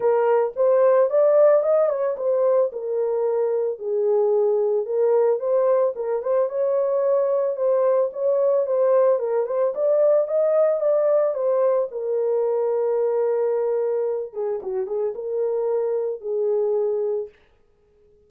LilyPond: \new Staff \with { instrumentName = "horn" } { \time 4/4 \tempo 4 = 111 ais'4 c''4 d''4 dis''8 cis''8 | c''4 ais'2 gis'4~ | gis'4 ais'4 c''4 ais'8 c''8 | cis''2 c''4 cis''4 |
c''4 ais'8 c''8 d''4 dis''4 | d''4 c''4 ais'2~ | ais'2~ ais'8 gis'8 fis'8 gis'8 | ais'2 gis'2 | }